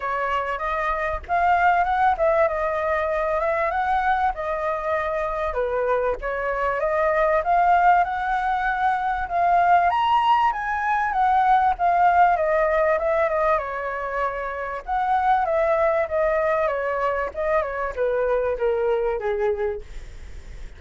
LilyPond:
\new Staff \with { instrumentName = "flute" } { \time 4/4 \tempo 4 = 97 cis''4 dis''4 f''4 fis''8 e''8 | dis''4. e''8 fis''4 dis''4~ | dis''4 b'4 cis''4 dis''4 | f''4 fis''2 f''4 |
ais''4 gis''4 fis''4 f''4 | dis''4 e''8 dis''8 cis''2 | fis''4 e''4 dis''4 cis''4 | dis''8 cis''8 b'4 ais'4 gis'4 | }